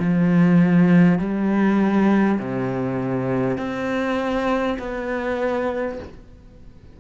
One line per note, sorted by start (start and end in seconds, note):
0.00 1.19 F3
1.19 2.39 G3
2.40 3.58 C3
3.58 4.78 C4
4.79 5.99 B3